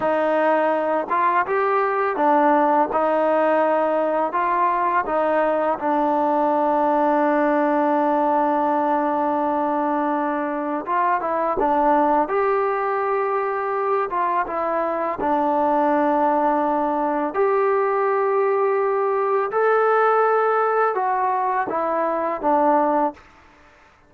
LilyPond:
\new Staff \with { instrumentName = "trombone" } { \time 4/4 \tempo 4 = 83 dis'4. f'8 g'4 d'4 | dis'2 f'4 dis'4 | d'1~ | d'2. f'8 e'8 |
d'4 g'2~ g'8 f'8 | e'4 d'2. | g'2. a'4~ | a'4 fis'4 e'4 d'4 | }